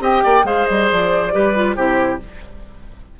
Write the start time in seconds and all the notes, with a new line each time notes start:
0.00 C4 G4 D#5 G5
0.24 A#3 D5
0.44 G#3 G#4 C5 F5
0.66 G3 D#5
0.91 F3 D5
1.32 G3 G4 B4
1.55 F4
1.76 C3 E4 G4 C5